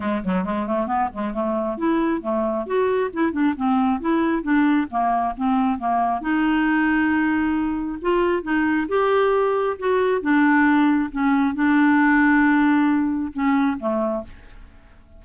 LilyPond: \new Staff \with { instrumentName = "clarinet" } { \time 4/4 \tempo 4 = 135 gis8 fis8 gis8 a8 b8 gis8 a4 | e'4 a4 fis'4 e'8 d'8 | c'4 e'4 d'4 ais4 | c'4 ais4 dis'2~ |
dis'2 f'4 dis'4 | g'2 fis'4 d'4~ | d'4 cis'4 d'2~ | d'2 cis'4 a4 | }